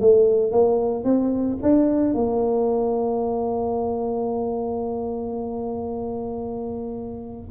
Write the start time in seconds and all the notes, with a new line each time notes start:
0.00 A3
0.51 A#3
1.04 C4
1.62 D4
2.14 A#3